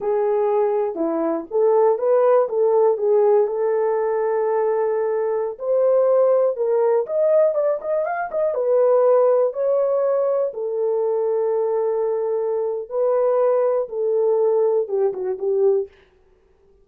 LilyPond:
\new Staff \with { instrumentName = "horn" } { \time 4/4 \tempo 4 = 121 gis'2 e'4 a'4 | b'4 a'4 gis'4 a'4~ | a'2.~ a'16 c''8.~ | c''4~ c''16 ais'4 dis''4 d''8 dis''16~ |
dis''16 f''8 dis''8 b'2 cis''8.~ | cis''4~ cis''16 a'2~ a'8.~ | a'2 b'2 | a'2 g'8 fis'8 g'4 | }